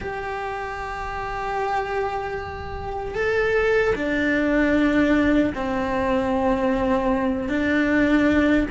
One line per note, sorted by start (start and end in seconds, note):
0.00 3.14 G4
3.14 3.93 A4
3.95 5.53 D4
5.54 7.48 C4
7.48 8.67 D4